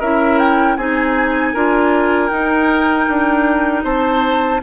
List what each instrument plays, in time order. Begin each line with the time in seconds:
0.00 bassoon C#4, clarinet E4, oboe A#4, flute E5
0.38 flute G5
0.77 bassoon C4, clarinet D#4, oboe G#4, flute G#5
1.54 bassoon D4, clarinet F4, oboe A#4
2.28 clarinet D#4, bassoon D#4, flute G5
3.08 bassoon D4
3.84 bassoon C4, oboe C5, flute A5